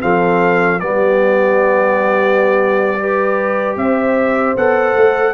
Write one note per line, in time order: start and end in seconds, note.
0.00 0.82 F3
0.00 0.79 C4
0.00 0.80 A4
0.00 0.79 F5
0.79 3.76 G3
0.79 2.98 B3
0.79 2.98 G4
0.79 3.75 D5
2.98 4.56 G4
2.98 3.78 B4
3.76 4.55 C4
3.76 5.33 C5
3.76 4.56 E5
4.55 4.95 B3
4.55 5.33 A4
4.55 5.33 F#5
4.95 5.33 A3